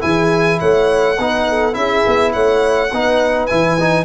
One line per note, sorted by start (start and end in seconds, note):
0.00 0.60 E3
0.00 1.15 E4
0.00 0.59 G#4
0.00 0.59 G#5
0.59 1.18 A3
0.59 1.16 C#5
0.59 1.73 F#5
1.18 1.75 B3
1.18 1.72 D#4
1.18 1.47 B4
1.48 1.76 A4
1.72 2.04 C#4
1.72 2.88 E4
1.72 2.32 G#4
1.72 2.31 E5
2.06 2.35 B3
2.32 2.92 A3
2.32 2.90 C#5
2.32 3.46 F#5
2.92 3.49 B3
2.92 3.49 D#4
2.92 4.05 B4
3.46 4.05 E3
3.46 3.78 E4
3.46 4.04 G#5
3.80 4.05 D#4